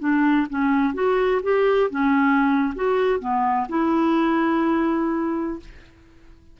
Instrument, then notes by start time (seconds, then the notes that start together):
clarinet
0.00 D4
0.50 C#4
0.94 F#4
1.43 G4
1.91 C#4
2.76 F#4
3.20 B3
3.69 E4